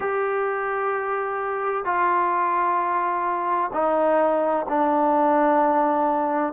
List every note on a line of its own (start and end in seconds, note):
0.00 1.84 G4
1.84 3.70 F4
3.73 4.66 D#4
4.68 6.53 D4